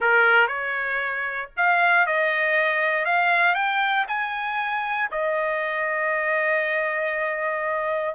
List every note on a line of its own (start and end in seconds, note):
0.00 0.47 A#4
0.47 1.49 C#5
1.56 2.06 F5
2.06 3.05 D#5
3.05 3.54 F5
3.54 4.05 G5
4.08 5.09 G#5
5.11 8.15 D#5